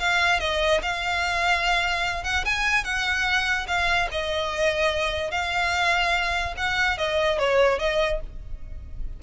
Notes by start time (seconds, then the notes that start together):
0.00 F5
0.41 D#5
0.83 F5
2.24 F#5
2.45 G#5
2.85 F#5
3.68 F5
4.12 D#5
5.32 F5
6.58 F#5
6.98 D#5
7.39 C#5
7.80 D#5